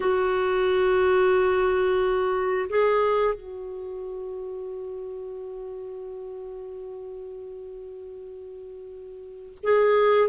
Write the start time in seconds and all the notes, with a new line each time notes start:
0.00 F#4
2.69 G#4
3.34 F#4
9.63 G#4